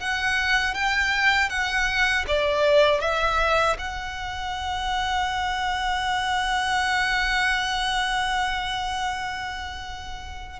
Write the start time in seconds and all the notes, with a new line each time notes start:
0.00 F#5
0.75 G5
1.49 F#5
2.28 D5
3.01 E5
3.79 F#5